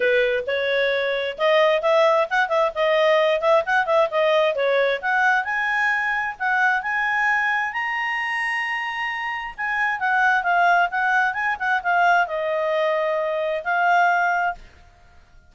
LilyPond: \new Staff \with { instrumentName = "clarinet" } { \time 4/4 \tempo 4 = 132 b'4 cis''2 dis''4 | e''4 fis''8 e''8 dis''4. e''8 | fis''8 e''8 dis''4 cis''4 fis''4 | gis''2 fis''4 gis''4~ |
gis''4 ais''2.~ | ais''4 gis''4 fis''4 f''4 | fis''4 gis''8 fis''8 f''4 dis''4~ | dis''2 f''2 | }